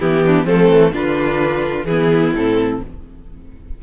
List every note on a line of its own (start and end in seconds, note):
0.00 0.46 E3
0.00 0.48 B3
0.00 0.24 E4
0.00 0.47 G4
0.25 0.45 D4
0.45 0.69 F3
0.45 0.93 A3
0.45 0.92 C4
0.45 0.94 A4
0.69 0.92 E3
0.93 1.85 D3
0.93 1.87 D4
0.93 1.87 F4
0.93 1.85 B4
1.85 2.32 E3
1.85 2.36 B3
1.85 2.82 E4
1.85 2.32 G#4
2.34 2.81 A2
2.34 2.83 C4
2.34 2.83 A4